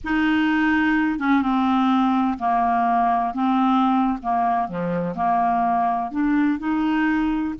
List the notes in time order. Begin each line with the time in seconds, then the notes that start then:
0.03 D#4
1.19 C#4
1.42 C4
2.38 A#3
3.34 C4
4.22 A#3
4.68 F3
5.15 A#3
6.11 D4
6.58 D#4